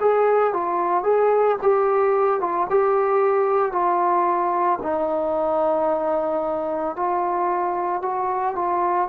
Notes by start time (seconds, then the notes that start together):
0.00 G#4
0.53 F4
1.03 G#4
1.62 G4
2.40 F4
2.69 G4
3.72 F4
4.82 D#4
6.95 F4
8.02 F#4
8.55 F4